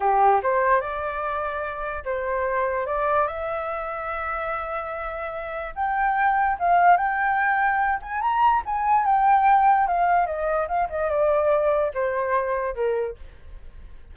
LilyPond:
\new Staff \with { instrumentName = "flute" } { \time 4/4 \tempo 4 = 146 g'4 c''4 d''2~ | d''4 c''2 d''4 | e''1~ | e''2 g''2 |
f''4 g''2~ g''8 gis''8 | ais''4 gis''4 g''2 | f''4 dis''4 f''8 dis''8 d''4~ | d''4 c''2 ais'4 | }